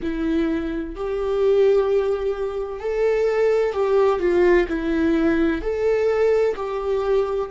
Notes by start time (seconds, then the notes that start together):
0.02 E4
0.95 G4
2.80 A4
3.72 G4
4.19 F4
4.68 E4
5.61 A4
6.56 G4